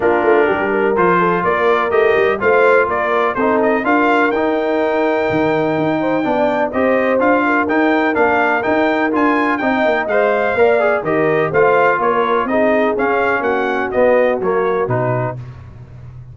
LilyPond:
<<
  \new Staff \with { instrumentName = "trumpet" } { \time 4/4 \tempo 4 = 125 ais'2 c''4 d''4 | dis''4 f''4 d''4 c''8 dis''8 | f''4 g''2.~ | g''2 dis''4 f''4 |
g''4 f''4 g''4 gis''4 | g''4 f''2 dis''4 | f''4 cis''4 dis''4 f''4 | fis''4 dis''4 cis''4 b'4 | }
  \new Staff \with { instrumentName = "horn" } { \time 4/4 f'4 g'8 ais'4 a'8 ais'4~ | ais'4 c''4 ais'4 a'4 | ais'1~ | ais'8 c''8 d''4 c''4. ais'8~ |
ais'1 | dis''2 d''4 ais'4 | c''4 ais'4 gis'2 | fis'1 | }
  \new Staff \with { instrumentName = "trombone" } { \time 4/4 d'2 f'2 | g'4 f'2 dis'4 | f'4 dis'2.~ | dis'4 d'4 g'4 f'4 |
dis'4 d'4 dis'4 f'4 | dis'4 c''4 ais'8 gis'8 g'4 | f'2 dis'4 cis'4~ | cis'4 b4 ais4 dis'4 | }
  \new Staff \with { instrumentName = "tuba" } { \time 4/4 ais8 a8 g4 f4 ais4 | a8 g8 a4 ais4 c'4 | d'4 dis'2 dis4 | dis'4 b4 c'4 d'4 |
dis'4 ais4 dis'4 d'4 | c'8 ais8 gis4 ais4 dis4 | a4 ais4 c'4 cis'4 | ais4 b4 fis4 b,4 | }
>>